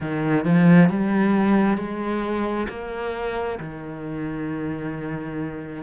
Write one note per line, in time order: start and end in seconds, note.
0.00 0.45 D#3
0.45 0.89 F3
0.89 1.77 G3
1.77 2.67 G#3
2.69 3.58 A#3
3.59 5.82 D#3